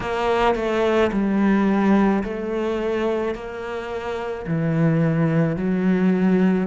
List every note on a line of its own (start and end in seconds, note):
0.00 0.55 A#3
0.55 1.11 A3
1.12 2.23 G3
2.23 3.34 A3
3.34 4.45 A#3
4.46 5.56 E3
5.56 6.67 F#3